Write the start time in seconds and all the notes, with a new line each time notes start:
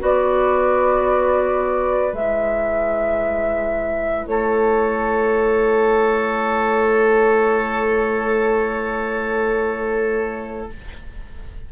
0.00 B3 F#4 B4 D5
2.13 G#3 E4 E5
4.26 A3 A4 C#5